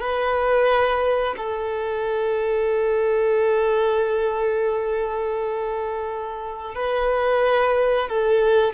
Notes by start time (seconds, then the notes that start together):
0.00 B4
1.38 A4
6.75 B4
8.09 A4